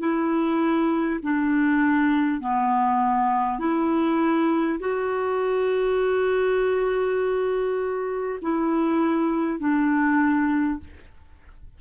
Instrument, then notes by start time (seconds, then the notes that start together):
clarinet
0.00 E4
1.23 D4
2.41 B3
3.59 E4
4.79 F#4
8.42 E4
9.59 D4